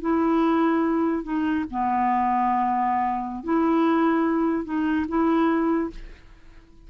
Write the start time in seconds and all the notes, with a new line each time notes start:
0.00 E4
1.23 D#4
1.70 B3
3.43 E4
4.64 D#4
5.08 E4